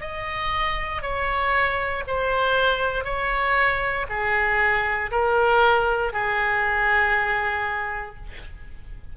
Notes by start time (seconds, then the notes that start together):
0.00 D#5
1.02 C#5
2.07 C5
3.04 C#5
4.09 G#4
5.11 A#4
6.12 G#4